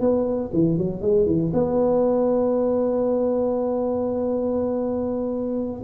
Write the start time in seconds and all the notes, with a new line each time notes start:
0.00 B3
0.53 E3
0.77 F#3
1.01 G#3
1.26 E3
1.53 B3